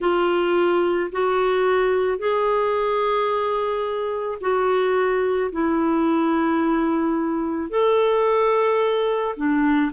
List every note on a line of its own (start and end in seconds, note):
0.00 1.10 F4
1.12 2.18 F#4
2.18 4.38 G#4
4.40 5.50 F#4
5.51 7.70 E4
7.70 9.35 A4
9.36 9.91 D4